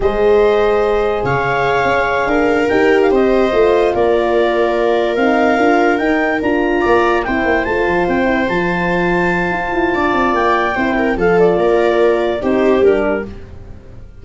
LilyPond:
<<
  \new Staff \with { instrumentName = "clarinet" } { \time 4/4 \tempo 4 = 145 dis''2. f''4~ | f''2~ f''8 g''8. f''16 dis''8~ | dis''4. d''2~ d''8~ | d''8 f''2 g''4 ais''8~ |
ais''4. g''4 a''4 g''8~ | g''8 a''2.~ a''8~ | a''4 g''2 f''8 d''8~ | d''2 c''4 ais'4 | }
  \new Staff \with { instrumentName = "viola" } { \time 4/4 c''2. cis''4~ | cis''4. ais'2 c''8~ | c''4. ais'2~ ais'8~ | ais'1~ |
ais'8 d''4 c''2~ c''8~ | c''1 | d''2 c''8 ais'8 a'4 | ais'2 g'2 | }
  \new Staff \with { instrumentName = "horn" } { \time 4/4 gis'1~ | gis'2~ gis'8 g'4.~ | g'8 f'2.~ f'8~ | f'8 dis'4 f'4 dis'4 f'8~ |
f'4. e'4 f'4. | e'8 f'2.~ f'8~ | f'2 e'4 f'4~ | f'2 dis'4 d'4 | }
  \new Staff \with { instrumentName = "tuba" } { \time 4/4 gis2. cis4~ | cis8 cis'4 d'4 dis'4 c'8~ | c'8 a4 ais2~ ais8~ | ais8 c'4 d'4 dis'4 d'8~ |
d'8 ais4 c'8 ais8 a8 f8 c'8~ | c'8 f2~ f8 f'8 e'8 | d'8 c'8 ais4 c'4 f4 | ais2 c'4 g4 | }
>>